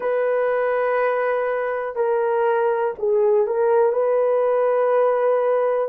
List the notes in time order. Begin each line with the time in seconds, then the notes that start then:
0.00 B4
1.95 A#4
2.99 G#4
3.46 A#4
3.92 B4